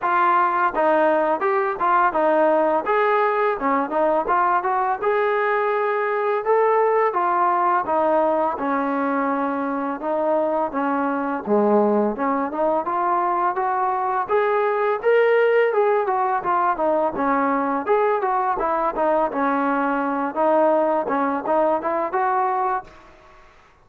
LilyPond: \new Staff \with { instrumentName = "trombone" } { \time 4/4 \tempo 4 = 84 f'4 dis'4 g'8 f'8 dis'4 | gis'4 cis'8 dis'8 f'8 fis'8 gis'4~ | gis'4 a'4 f'4 dis'4 | cis'2 dis'4 cis'4 |
gis4 cis'8 dis'8 f'4 fis'4 | gis'4 ais'4 gis'8 fis'8 f'8 dis'8 | cis'4 gis'8 fis'8 e'8 dis'8 cis'4~ | cis'8 dis'4 cis'8 dis'8 e'8 fis'4 | }